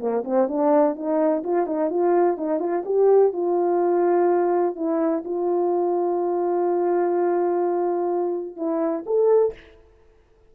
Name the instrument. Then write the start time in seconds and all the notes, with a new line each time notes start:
horn
0.00 A#3
0.25 C4
0.48 D4
0.96 D#4
1.44 F4
1.67 D#4
1.90 F4
2.37 D#4
2.60 F4
2.85 G4
3.33 F4
4.76 E4
5.25 F4
8.57 E4
9.06 A4